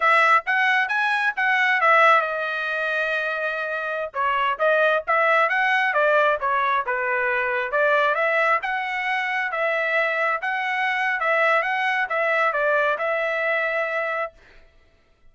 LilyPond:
\new Staff \with { instrumentName = "trumpet" } { \time 4/4 \tempo 4 = 134 e''4 fis''4 gis''4 fis''4 | e''4 dis''2.~ | dis''4~ dis''16 cis''4 dis''4 e''8.~ | e''16 fis''4 d''4 cis''4 b'8.~ |
b'4~ b'16 d''4 e''4 fis''8.~ | fis''4~ fis''16 e''2 fis''8.~ | fis''4 e''4 fis''4 e''4 | d''4 e''2. | }